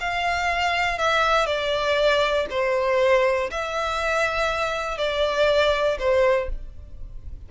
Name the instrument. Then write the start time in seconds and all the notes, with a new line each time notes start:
violin
0.00 F5
0.98 E5
1.46 D5
2.50 C5
3.50 E5
4.97 D5
5.99 C5